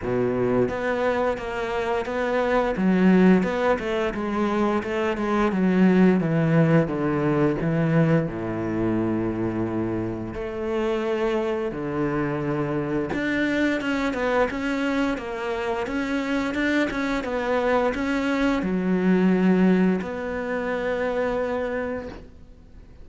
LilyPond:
\new Staff \with { instrumentName = "cello" } { \time 4/4 \tempo 4 = 87 b,4 b4 ais4 b4 | fis4 b8 a8 gis4 a8 gis8 | fis4 e4 d4 e4 | a,2. a4~ |
a4 d2 d'4 | cis'8 b8 cis'4 ais4 cis'4 | d'8 cis'8 b4 cis'4 fis4~ | fis4 b2. | }